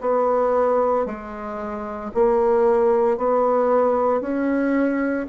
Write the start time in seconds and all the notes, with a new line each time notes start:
0.00 B3
1.06 G#3
2.14 A#3
3.17 B3
4.21 C#4